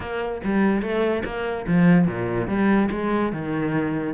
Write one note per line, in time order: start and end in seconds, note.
0.00 0.41 A#3
0.44 0.81 G3
0.81 1.23 A3
1.24 1.66 A#3
1.67 2.07 F3
2.07 2.47 A#2
2.47 2.89 G3
2.90 3.32 G#3
3.32 4.13 D#3